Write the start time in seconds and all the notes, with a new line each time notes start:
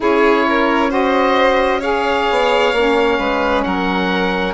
0.00 C#4 E4 G#4 C#5
0.48 A#4
0.89 F#4 C5 D#5
1.80 G#4 C#5 F5
2.30 B3
2.72 A#3 C#4
3.18 G#3 B4
3.62 F#3 A#4 F#5